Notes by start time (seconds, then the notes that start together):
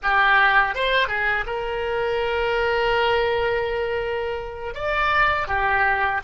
0.02 G4
0.74 C5
1.08 G#4
1.46 A#4
4.74 D5
5.47 G4